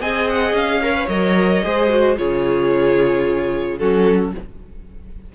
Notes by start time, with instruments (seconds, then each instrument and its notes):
0.00 cello C4, viola G#4, violin D#5 G#5
0.28 violin F#5
0.52 cello C#4, violin F5
0.82 viola A#4, violin C#5
0.94 viola B4
1.08 cello F#3, viola A#4, violin D#5
1.63 cello G#3, viola G#4, violin C5
1.89 viola F#4
2.17 cello C#3, viola F4, violin G#4 C#5
3.78 cello F#3, viola C#4, violin F#4 A4